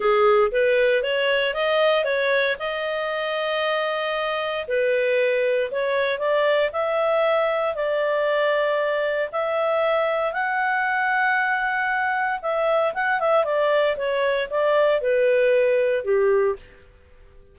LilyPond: \new Staff \with { instrumentName = "clarinet" } { \time 4/4 \tempo 4 = 116 gis'4 b'4 cis''4 dis''4 | cis''4 dis''2.~ | dis''4 b'2 cis''4 | d''4 e''2 d''4~ |
d''2 e''2 | fis''1 | e''4 fis''8 e''8 d''4 cis''4 | d''4 b'2 g'4 | }